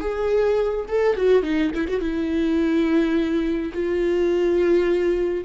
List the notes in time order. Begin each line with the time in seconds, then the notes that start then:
0.00 G#4
0.88 A4
1.16 F#4
1.43 D#4
1.74 E4
1.88 F#4
2.01 E4
3.73 F4